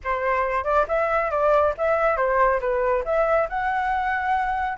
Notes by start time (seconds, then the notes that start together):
0.04 C5
0.64 D5
0.87 E5
1.30 D5
1.77 E5
2.16 C5
2.60 B4
3.04 E5
3.49 F#5